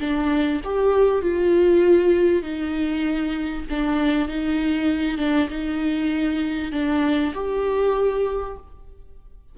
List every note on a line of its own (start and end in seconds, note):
0.00 0.61 D4
0.64 1.22 G4
1.22 2.43 F4
2.43 3.65 D#4
3.70 4.28 D4
4.28 5.18 D#4
5.18 5.49 D4
5.50 6.72 D#4
6.72 7.33 D4
7.35 8.57 G4